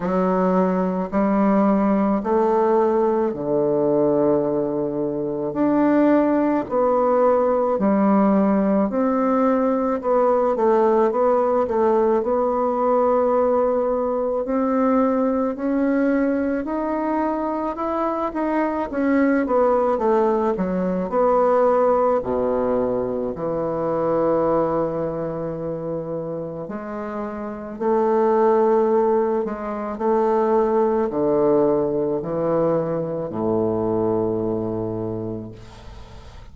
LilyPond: \new Staff \with { instrumentName = "bassoon" } { \time 4/4 \tempo 4 = 54 fis4 g4 a4 d4~ | d4 d'4 b4 g4 | c'4 b8 a8 b8 a8 b4~ | b4 c'4 cis'4 dis'4 |
e'8 dis'8 cis'8 b8 a8 fis8 b4 | b,4 e2. | gis4 a4. gis8 a4 | d4 e4 a,2 | }